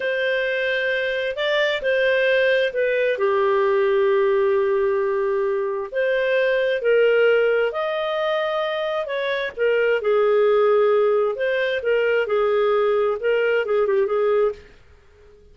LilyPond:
\new Staff \with { instrumentName = "clarinet" } { \time 4/4 \tempo 4 = 132 c''2. d''4 | c''2 b'4 g'4~ | g'1~ | g'4 c''2 ais'4~ |
ais'4 dis''2. | cis''4 ais'4 gis'2~ | gis'4 c''4 ais'4 gis'4~ | gis'4 ais'4 gis'8 g'8 gis'4 | }